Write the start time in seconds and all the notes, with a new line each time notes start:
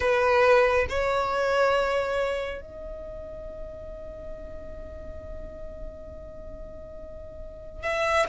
0.00 B4
0.89 C#5
2.61 D#5
7.82 E5